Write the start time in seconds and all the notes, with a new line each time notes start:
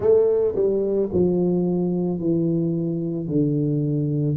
0.00 A3
0.55 G3
1.12 F3
2.19 E3
3.27 D3